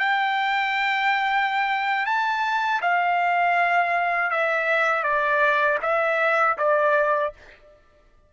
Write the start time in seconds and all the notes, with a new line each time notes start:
0.00 G5
2.06 A5
2.82 F5
4.31 E5
5.04 D5
5.83 E5
6.58 D5